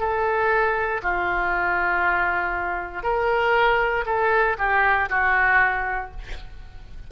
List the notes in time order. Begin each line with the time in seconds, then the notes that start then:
0.00 A4
1.03 F4
3.04 A#4
4.06 A4
4.59 G4
5.10 F#4